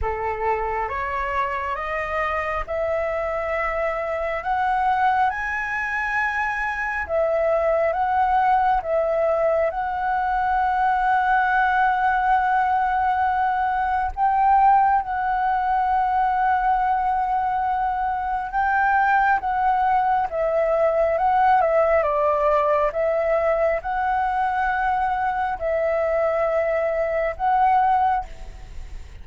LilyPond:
\new Staff \with { instrumentName = "flute" } { \time 4/4 \tempo 4 = 68 a'4 cis''4 dis''4 e''4~ | e''4 fis''4 gis''2 | e''4 fis''4 e''4 fis''4~ | fis''1 |
g''4 fis''2.~ | fis''4 g''4 fis''4 e''4 | fis''8 e''8 d''4 e''4 fis''4~ | fis''4 e''2 fis''4 | }